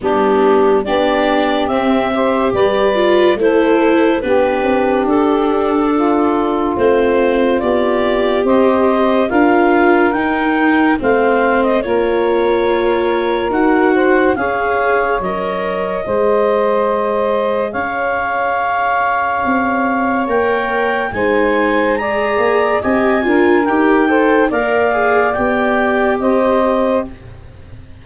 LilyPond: <<
  \new Staff \with { instrumentName = "clarinet" } { \time 4/4 \tempo 4 = 71 g'4 d''4 e''4 d''4 | c''4 b'4 a'2 | c''4 d''4 dis''4 f''4 | g''4 f''8. dis''16 cis''2 |
fis''4 f''4 dis''2~ | dis''4 f''2. | g''4 gis''4 ais''4 gis''4 | g''4 f''4 g''4 dis''4 | }
  \new Staff \with { instrumentName = "saxophone" } { \time 4/4 d'4 g'4. c''8 b'4 | a'4 g'2 f'4~ | f'2 c''4 ais'4~ | ais'4 c''4 ais'2~ |
ais'8 c''8 cis''2 c''4~ | c''4 cis''2.~ | cis''4 c''4 d''4 dis''8 ais'8~ | ais'8 c''8 d''2 c''4 | }
  \new Staff \with { instrumentName = "viola" } { \time 4/4 b4 d'4 c'8 g'4 f'8 | e'4 d'2. | c'4 g'2 f'4 | dis'4 c'4 f'2 |
fis'4 gis'4 ais'4 gis'4~ | gis'1 | ais'4 dis'4 gis'4 g'8 f'8 | g'8 a'8 ais'8 gis'8 g'2 | }
  \new Staff \with { instrumentName = "tuba" } { \time 4/4 g4 b4 c'4 g4 | a4 b8 c'8 d'2 | a4 b4 c'4 d'4 | dis'4 a4 ais2 |
dis'4 cis'4 fis4 gis4~ | gis4 cis'2 c'4 | ais4 gis4. ais8 c'8 d'8 | dis'4 ais4 b4 c'4 | }
>>